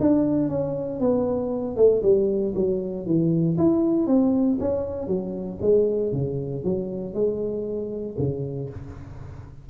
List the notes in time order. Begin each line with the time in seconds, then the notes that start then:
0.00 D4
0.49 C#4
1.00 B3
1.76 A3
2.03 G3
2.55 F#3
3.06 E3
3.58 E4
4.07 C4
4.60 C#4
5.07 F#3
5.61 G#3
6.13 C#3
6.64 F#3
7.14 G#3
8.18 C#3